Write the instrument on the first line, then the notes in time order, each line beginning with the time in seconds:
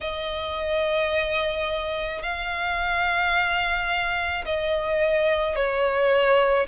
violin
0.00 D#5
2.22 F5
4.45 D#5
5.56 C#5